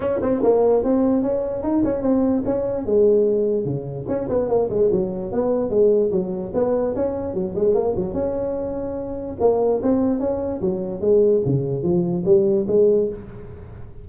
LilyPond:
\new Staff \with { instrumentName = "tuba" } { \time 4/4 \tempo 4 = 147 cis'8 c'8 ais4 c'4 cis'4 | dis'8 cis'8 c'4 cis'4 gis4~ | gis4 cis4 cis'8 b8 ais8 gis8 | fis4 b4 gis4 fis4 |
b4 cis'4 fis8 gis8 ais8 fis8 | cis'2. ais4 | c'4 cis'4 fis4 gis4 | cis4 f4 g4 gis4 | }